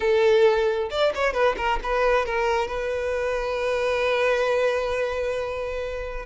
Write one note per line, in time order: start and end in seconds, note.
0.00 0.89 A4
0.90 1.12 D5
1.14 1.33 C#5
1.33 1.55 B4
1.57 1.79 A#4
1.83 2.25 B4
2.25 2.67 A#4
2.67 6.25 B4